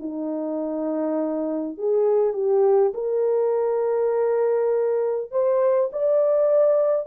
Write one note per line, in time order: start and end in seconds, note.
0.00 1.78 D#4
1.78 2.34 G#4
2.34 2.93 G4
2.94 5.31 A#4
5.31 5.91 C5
5.93 7.07 D5